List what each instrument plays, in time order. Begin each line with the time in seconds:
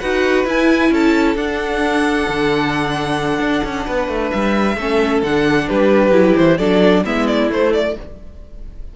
0.00 cello D#4, viola F#4, violin B4 F#5
0.45 cello E4, viola E4, violin G#5
0.91 cello C#4, violin A4 A5
1.36 cello D4, viola D4, violin F#5
2.29 cello D3
3.39 cello D4
3.64 cello C#4
3.87 cello B3, violin B4
4.09 cello A3
4.31 cello G3, violin E5
4.77 cello A3, viola C#4, violin A4
5.23 cello D3, viola D4, violin F#5
5.68 cello G3, violin G4 B4
6.11 cello F#3, viola E4
6.37 cello E3, violin C5
6.58 cello F#3, viola D4, violin A4 D5
7.05 cello G#3, viola B3, violin E4 E5
7.28 violin D5
7.51 viola A3, cello A3, violin C5
7.74 violin D5